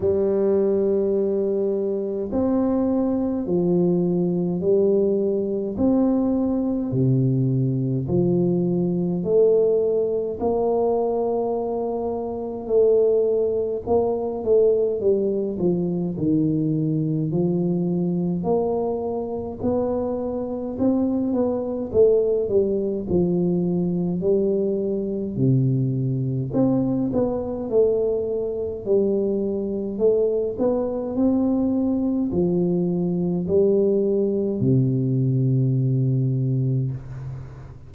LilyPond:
\new Staff \with { instrumentName = "tuba" } { \time 4/4 \tempo 4 = 52 g2 c'4 f4 | g4 c'4 c4 f4 | a4 ais2 a4 | ais8 a8 g8 f8 dis4 f4 |
ais4 b4 c'8 b8 a8 g8 | f4 g4 c4 c'8 b8 | a4 g4 a8 b8 c'4 | f4 g4 c2 | }